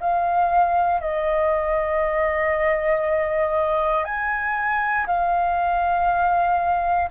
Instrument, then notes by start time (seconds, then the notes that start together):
flute
0.00 F5
1.00 D#5
4.04 G#5
5.06 F5